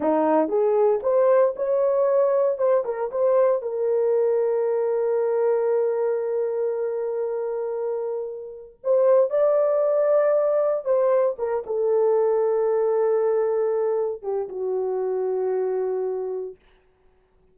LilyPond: \new Staff \with { instrumentName = "horn" } { \time 4/4 \tempo 4 = 116 dis'4 gis'4 c''4 cis''4~ | cis''4 c''8 ais'8 c''4 ais'4~ | ais'1~ | ais'1~ |
ais'4 c''4 d''2~ | d''4 c''4 ais'8 a'4.~ | a'2.~ a'8 g'8 | fis'1 | }